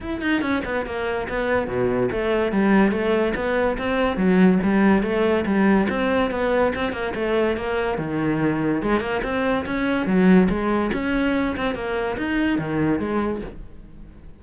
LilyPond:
\new Staff \with { instrumentName = "cello" } { \time 4/4 \tempo 4 = 143 e'8 dis'8 cis'8 b8 ais4 b4 | b,4 a4 g4 a4 | b4 c'4 fis4 g4 | a4 g4 c'4 b4 |
c'8 ais8 a4 ais4 dis4~ | dis4 gis8 ais8 c'4 cis'4 | fis4 gis4 cis'4. c'8 | ais4 dis'4 dis4 gis4 | }